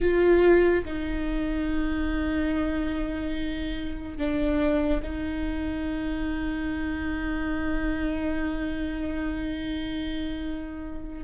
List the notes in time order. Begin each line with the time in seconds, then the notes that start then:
0.00 F4
0.84 D#4
4.17 D4
5.02 D#4